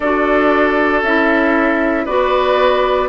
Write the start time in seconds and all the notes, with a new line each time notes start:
0.00 D4 F#4 A4 D5
1.03 C#4 E4 E5
2.05 B3 F#4 B4 D5